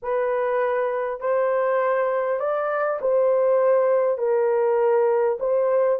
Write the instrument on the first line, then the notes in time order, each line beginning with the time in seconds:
horn
0.02 B4
1.20 C5
2.39 D5
3.01 C5
4.18 A#4
5.39 C5